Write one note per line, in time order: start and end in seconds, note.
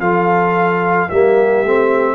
0.00 1.09 F3
0.00 1.10 F4
0.00 1.09 A4
0.00 1.10 F5
1.10 1.65 G3
1.10 1.65 A#3
1.10 2.15 G4
1.10 2.15 E5
1.65 2.15 A3
1.65 2.15 C4